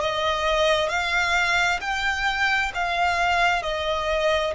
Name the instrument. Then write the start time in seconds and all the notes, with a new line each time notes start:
violin
0.00 D#5
0.88 F5
1.81 G5
2.74 F5
3.62 D#5